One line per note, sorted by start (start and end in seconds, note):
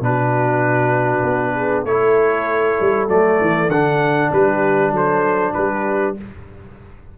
0.00 1.22 B2
0.00 1.86 D4
0.00 1.85 B4
0.07 1.54 F#4
1.23 1.84 B3
1.54 1.85 G#4
1.84 2.76 A3
1.84 3.08 E4
1.84 4.31 A4
1.84 3.07 C#5
2.80 3.08 G3
3.08 3.39 F#3
3.08 3.70 A3
3.08 3.70 D5
3.40 3.68 E3
3.68 4.29 D3
3.68 6.17 D4
3.68 4.31 F#5
4.31 4.91 G3
4.31 4.92 G4
4.31 4.94 B4
4.91 5.52 F#3
4.91 5.53 A4
4.91 5.53 C5
5.53 6.18 G3
5.53 6.16 G4
5.53 6.14 B4